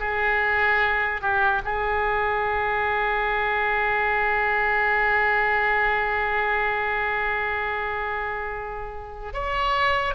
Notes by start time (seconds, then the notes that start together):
0.00 G#4
1.22 G4
1.65 G#4
9.34 C#5